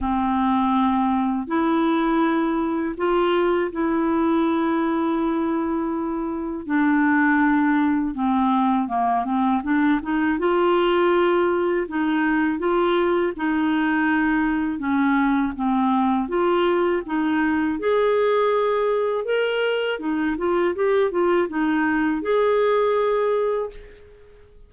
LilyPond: \new Staff \with { instrumentName = "clarinet" } { \time 4/4 \tempo 4 = 81 c'2 e'2 | f'4 e'2.~ | e'4 d'2 c'4 | ais8 c'8 d'8 dis'8 f'2 |
dis'4 f'4 dis'2 | cis'4 c'4 f'4 dis'4 | gis'2 ais'4 dis'8 f'8 | g'8 f'8 dis'4 gis'2 | }